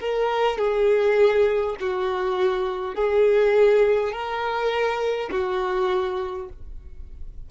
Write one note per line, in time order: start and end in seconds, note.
0.00 0.58 A#4
0.58 1.76 G#4
1.80 2.95 F#4
2.95 4.12 G#4
4.12 5.30 A#4
5.31 6.49 F#4